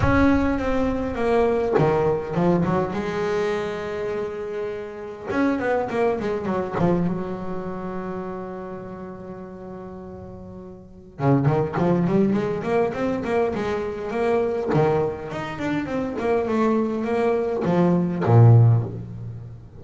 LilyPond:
\new Staff \with { instrumentName = "double bass" } { \time 4/4 \tempo 4 = 102 cis'4 c'4 ais4 dis4 | f8 fis8 gis2.~ | gis4 cis'8 b8 ais8 gis8 fis8 f8 | fis1~ |
fis2. cis8 dis8 | f8 g8 gis8 ais8 c'8 ais8 gis4 | ais4 dis4 dis'8 d'8 c'8 ais8 | a4 ais4 f4 ais,4 | }